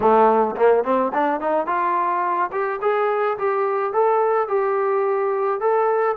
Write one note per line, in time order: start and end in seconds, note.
0.00 0.55 A3
0.56 0.84 A#3
0.84 1.12 C4
1.13 1.40 D4
1.40 1.66 D#4
1.66 2.50 F4
2.51 2.79 G4
2.81 3.37 G#4
3.37 3.93 G4
3.93 4.48 A4
4.48 5.60 G4
5.60 6.16 A4